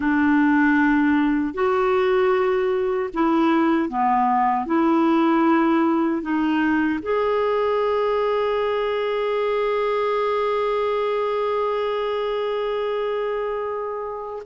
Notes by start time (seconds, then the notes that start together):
0.00 D4
1.53 F#4
3.13 E4
3.89 B3
4.66 E4
6.21 D#4
7.02 G#4